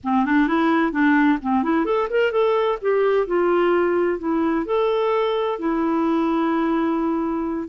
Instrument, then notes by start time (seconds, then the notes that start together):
clarinet
0.03 C4
0.25 D4
0.47 E4
0.92 D4
1.41 C4
1.63 E4
1.85 A4
2.10 A#4
2.31 A4
2.81 G4
3.26 F4
4.19 E4
4.65 A4
5.59 E4